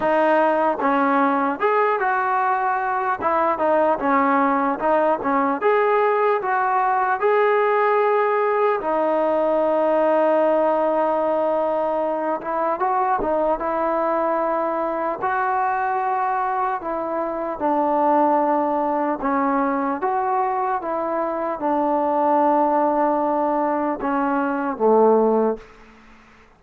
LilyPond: \new Staff \with { instrumentName = "trombone" } { \time 4/4 \tempo 4 = 75 dis'4 cis'4 gis'8 fis'4. | e'8 dis'8 cis'4 dis'8 cis'8 gis'4 | fis'4 gis'2 dis'4~ | dis'2.~ dis'8 e'8 |
fis'8 dis'8 e'2 fis'4~ | fis'4 e'4 d'2 | cis'4 fis'4 e'4 d'4~ | d'2 cis'4 a4 | }